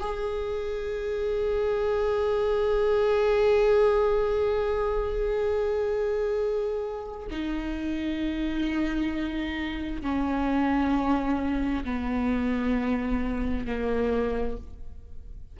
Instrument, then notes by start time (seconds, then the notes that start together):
viola
0.00 G#4
7.31 D#4
10.02 C#4
11.84 B3
13.66 A#3